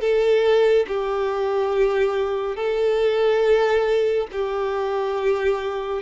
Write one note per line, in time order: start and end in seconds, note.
0.00 0.86 A4
0.87 2.56 G4
2.56 4.27 A4
4.32 6.02 G4